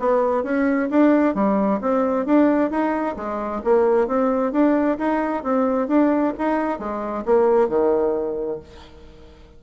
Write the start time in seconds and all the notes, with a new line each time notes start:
0.00 B3
0.44 C#4
0.90 D4
1.35 G3
1.82 C4
2.26 D4
2.71 D#4
3.17 G#3
3.64 A#3
4.08 C4
4.53 D4
4.99 D#4
5.44 C4
5.88 D4
6.39 D#4
6.79 G#3
7.26 A#3
7.69 D#3